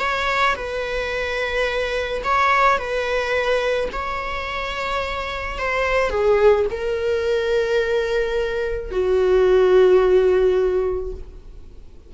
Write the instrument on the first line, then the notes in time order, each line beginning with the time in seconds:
viola
0.00 C#5
0.56 B4
2.24 C#5
2.78 B4
3.93 C#5
5.59 C5
6.11 G#4
6.71 A#4
8.92 F#4